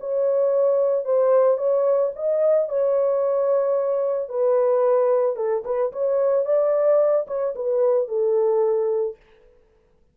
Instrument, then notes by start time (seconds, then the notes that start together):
horn
0.00 C#5
1.05 C5
1.58 C#5
2.16 D#5
2.69 C#5
4.29 B4
5.36 A4
5.65 B4
5.92 C#5
6.45 D5
7.27 C#5
7.55 B4
8.08 A4